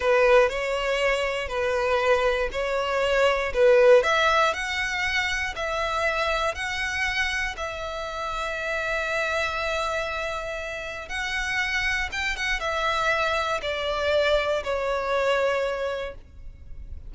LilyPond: \new Staff \with { instrumentName = "violin" } { \time 4/4 \tempo 4 = 119 b'4 cis''2 b'4~ | b'4 cis''2 b'4 | e''4 fis''2 e''4~ | e''4 fis''2 e''4~ |
e''1~ | e''2 fis''2 | g''8 fis''8 e''2 d''4~ | d''4 cis''2. | }